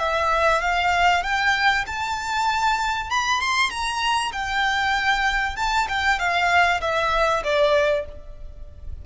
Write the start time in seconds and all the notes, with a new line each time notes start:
0.00 E5
0.62 F5
1.23 G5
1.87 A5
3.11 B5
3.41 C6
3.71 A#5
4.33 G5
5.57 A5
5.89 G5
6.19 F5
6.82 E5
7.44 D5